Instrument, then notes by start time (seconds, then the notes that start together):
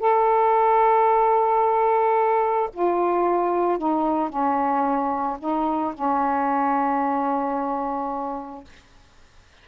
saxophone
0.00 A4
2.74 F4
3.79 D#4
4.30 C#4
5.40 D#4
5.95 C#4